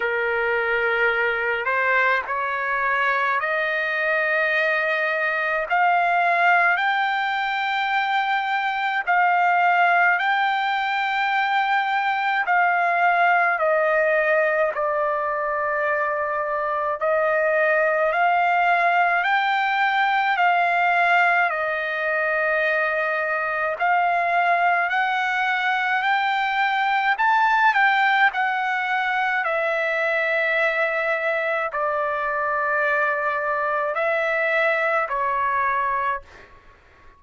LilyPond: \new Staff \with { instrumentName = "trumpet" } { \time 4/4 \tempo 4 = 53 ais'4. c''8 cis''4 dis''4~ | dis''4 f''4 g''2 | f''4 g''2 f''4 | dis''4 d''2 dis''4 |
f''4 g''4 f''4 dis''4~ | dis''4 f''4 fis''4 g''4 | a''8 g''8 fis''4 e''2 | d''2 e''4 cis''4 | }